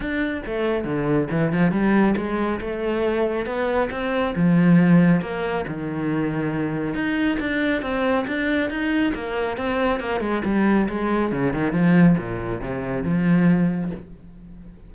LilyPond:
\new Staff \with { instrumentName = "cello" } { \time 4/4 \tempo 4 = 138 d'4 a4 d4 e8 f8 | g4 gis4 a2 | b4 c'4 f2 | ais4 dis2. |
dis'4 d'4 c'4 d'4 | dis'4 ais4 c'4 ais8 gis8 | g4 gis4 cis8 dis8 f4 | ais,4 c4 f2 | }